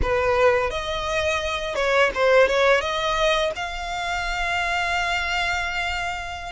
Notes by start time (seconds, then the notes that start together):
0.02 B4
0.70 D#5
1.75 C#5
2.14 C5
2.47 C#5
2.80 D#5
3.55 F5